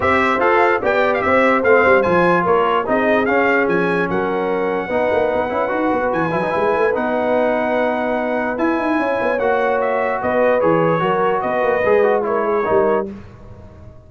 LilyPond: <<
  \new Staff \with { instrumentName = "trumpet" } { \time 4/4 \tempo 4 = 147 e''4 f''4 g''8. f''16 e''4 | f''4 gis''4 cis''4 dis''4 | f''4 gis''4 fis''2~ | fis''2. gis''4~ |
gis''4 fis''2.~ | fis''4 gis''2 fis''4 | e''4 dis''4 cis''2 | dis''2 cis''2 | }
  \new Staff \with { instrumentName = "horn" } { \time 4/4 c''2 d''4 c''4~ | c''2 ais'4 gis'4~ | gis'2 ais'2 | b'1~ |
b'1~ | b'2 cis''2~ | cis''4 b'2 ais'4 | b'2 ais'8 gis'8 ais'4 | }
  \new Staff \with { instrumentName = "trombone" } { \time 4/4 g'4 a'4 g'2 | c'4 f'2 dis'4 | cis'1 | dis'4. e'8 fis'4. e'16 dis'16 |
e'4 dis'2.~ | dis'4 e'2 fis'4~ | fis'2 gis'4 fis'4~ | fis'4 gis'8 fis'8 e'4 dis'4 | }
  \new Staff \with { instrumentName = "tuba" } { \time 4/4 c'4 f'4 b4 c'4 | a8 g8 f4 ais4 c'4 | cis'4 f4 fis2 | b8 ais8 b8 cis'8 dis'8 b8 e8 fis8 |
gis8 a8 b2.~ | b4 e'8 dis'8 cis'8 b8 ais4~ | ais4 b4 e4 fis4 | b8 ais8 gis2 g4 | }
>>